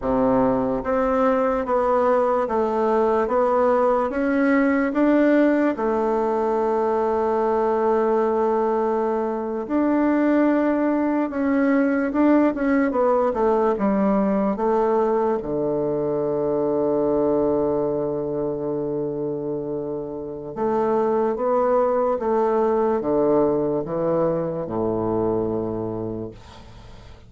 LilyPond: \new Staff \with { instrumentName = "bassoon" } { \time 4/4 \tempo 4 = 73 c4 c'4 b4 a4 | b4 cis'4 d'4 a4~ | a2.~ a8. d'16~ | d'4.~ d'16 cis'4 d'8 cis'8 b16~ |
b16 a8 g4 a4 d4~ d16~ | d1~ | d4 a4 b4 a4 | d4 e4 a,2 | }